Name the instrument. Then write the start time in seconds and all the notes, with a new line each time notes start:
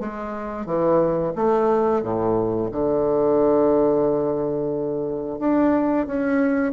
bassoon
0.00 G#3
0.66 E3
1.35 A3
2.03 A2
2.72 D3
5.39 D4
6.07 C#4